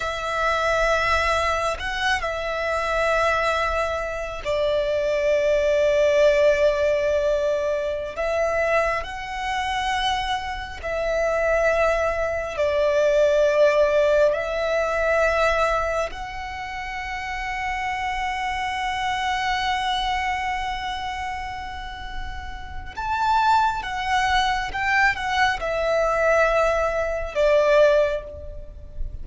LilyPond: \new Staff \with { instrumentName = "violin" } { \time 4/4 \tempo 4 = 68 e''2 fis''8 e''4.~ | e''4 d''2.~ | d''4~ d''16 e''4 fis''4.~ fis''16~ | fis''16 e''2 d''4.~ d''16~ |
d''16 e''2 fis''4.~ fis''16~ | fis''1~ | fis''2 a''4 fis''4 | g''8 fis''8 e''2 d''4 | }